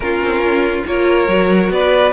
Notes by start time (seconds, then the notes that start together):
0.00 A#3 C#4 F4 A#4
0.22 C4
0.40 C#4
0.86 A#3 F4 A#4 C#5
1.28 F#3 F#4
1.70 B3 B4 D5